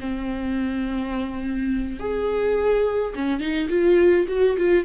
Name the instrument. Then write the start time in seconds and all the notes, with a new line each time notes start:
viola
0.00 C4
1.99 G#4
3.15 C#4
3.40 D#4
3.69 F4
4.28 F#4
4.57 F4